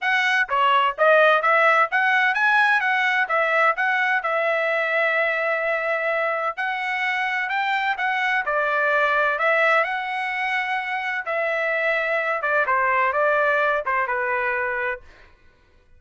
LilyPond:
\new Staff \with { instrumentName = "trumpet" } { \time 4/4 \tempo 4 = 128 fis''4 cis''4 dis''4 e''4 | fis''4 gis''4 fis''4 e''4 | fis''4 e''2.~ | e''2 fis''2 |
g''4 fis''4 d''2 | e''4 fis''2. | e''2~ e''8 d''8 c''4 | d''4. c''8 b'2 | }